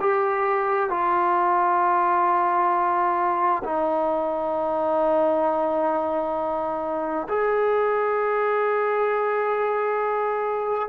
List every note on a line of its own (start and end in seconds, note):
0.00 0.90 G4
0.90 3.62 F4
3.64 7.27 D#4
7.28 10.88 G#4